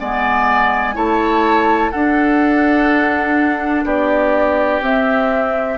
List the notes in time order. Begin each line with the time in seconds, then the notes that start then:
0.00 G#3 B3 D5 G#5
0.94 A3 E4 C#5 A5
1.91 D4 A4 F#5
3.84 B3 G4 D5
4.81 C4 E5